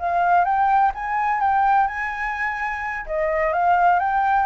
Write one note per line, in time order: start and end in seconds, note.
0.00 0.45 F5
0.45 0.92 G5
0.95 1.41 G#5
1.41 1.88 G5
1.88 3.06 G#5
3.07 3.53 D#5
3.53 4.00 F5
4.00 4.47 G5